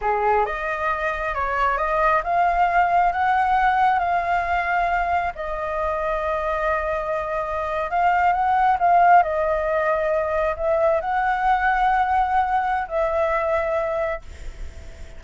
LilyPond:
\new Staff \with { instrumentName = "flute" } { \time 4/4 \tempo 4 = 135 gis'4 dis''2 cis''4 | dis''4 f''2 fis''4~ | fis''4 f''2. | dis''1~ |
dis''4.~ dis''16 f''4 fis''4 f''16~ | f''8. dis''2. e''16~ | e''8. fis''2.~ fis''16~ | fis''4 e''2. | }